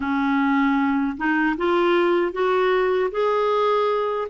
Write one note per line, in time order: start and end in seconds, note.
0.00 1.17 C#4
1.17 1.56 D#4
1.57 2.32 F4
2.32 3.10 F#4
3.11 4.28 G#4